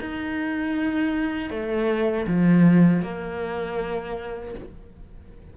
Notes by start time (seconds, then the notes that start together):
0.00 D#4
1.50 A3
2.27 F3
3.02 A#3